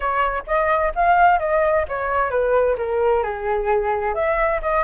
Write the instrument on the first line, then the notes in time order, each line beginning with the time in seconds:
flute
0.00 C#5
0.46 D#5
0.95 F5
1.39 D#5
1.88 C#5
2.30 B4
2.77 A#4
3.23 G#4
4.14 E5
4.62 D#5